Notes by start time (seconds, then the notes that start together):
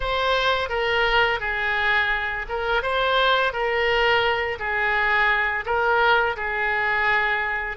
0.00 C5
0.69 A#4
1.40 G#4
2.48 A#4
2.82 C5
3.52 A#4
4.59 G#4
5.65 A#4
6.36 G#4